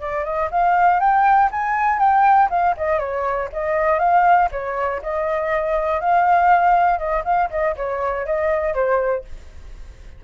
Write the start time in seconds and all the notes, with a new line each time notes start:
0.00 D5
0.24 D#5
0.51 F5
1.00 G5
1.51 G#5
1.99 G5
2.50 F5
2.77 D#5
2.99 C#5
3.53 D#5
3.99 F5
4.51 C#5
5.02 D#5
6.00 F5
6.98 D#5
7.24 F5
7.50 D#5
7.76 C#5
8.26 D#5
8.74 C5